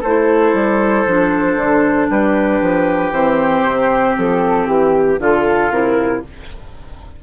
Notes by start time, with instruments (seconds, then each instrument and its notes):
0.00 bassoon A3, oboe A4, flute C5
0.06 clarinet E4
0.53 bassoon G3
1.06 bassoon F3, clarinet D4
1.56 bassoon D3
2.10 bassoon G3, oboe G4, flute B4
2.61 bassoon F3
3.11 bassoon E3, clarinet C4, flute C5
3.64 bassoon C3
4.18 bassoon F3, flute A4
4.67 bassoon E3, flute G4
5.19 bassoon D3, clarinet F4, oboe F4, flute A4
5.70 bassoon C3, clarinet E4, flute A#4